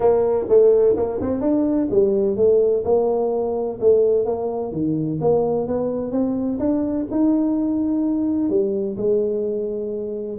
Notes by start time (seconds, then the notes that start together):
0.00 A#3
0.48 A3
0.96 A#3
1.21 C4
1.40 D4
1.90 G3
2.36 A3
2.84 A#3
3.80 A3
4.25 A#3
4.72 D#3
5.21 A#3
5.67 B3
6.11 C4
6.59 D4
7.10 D#4
8.49 G3
8.97 G#3